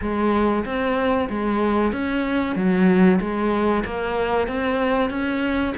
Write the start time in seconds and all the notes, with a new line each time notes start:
0.01 G#3
0.65 C4
1.29 G#3
1.92 C#4
2.55 F#3
3.20 G#3
3.85 A#3
4.47 C4
5.10 C#4